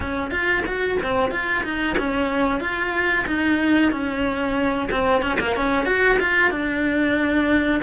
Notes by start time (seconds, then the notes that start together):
0.00 C#4
0.31 F4
0.66 F#4
1.03 C4
1.31 F4
1.64 D#4
1.97 C#4
2.60 F4
3.26 D#4
3.91 C#4
4.90 C4
5.22 C#4
5.40 A#3
5.56 C#4
5.85 F#4
6.19 F4
6.50 D4